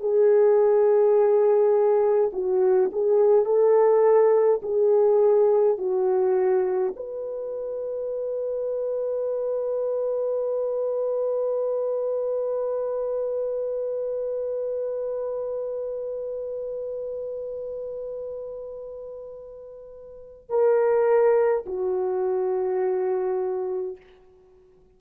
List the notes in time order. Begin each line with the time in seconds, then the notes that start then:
0.00 G#4
2.33 F#4
2.93 G#4
3.46 A4
4.63 G#4
5.78 F#4
6.96 B4
20.50 A#4
21.66 F#4